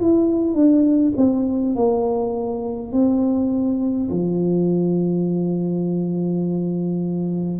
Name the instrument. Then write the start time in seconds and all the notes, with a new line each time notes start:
tuba
0.00 E4
0.53 D4
1.17 C4
1.75 A#3
2.92 C4
4.10 F3